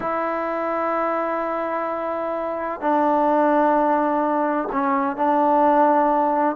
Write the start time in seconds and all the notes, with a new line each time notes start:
0.00 E4
2.81 D4
4.72 C#4
5.16 D4